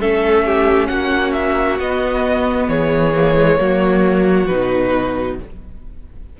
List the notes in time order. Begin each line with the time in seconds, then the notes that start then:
0.00 A3 C#4 A4 E5
0.46 G4
0.87 A#3 F#4 F#5
1.33 E5
1.79 B3 D#5
2.68 E3 G#4 C#5
3.15 A#3
3.36 G#3
3.58 F#3 A#3 F#4
4.47 B2 D#4 B4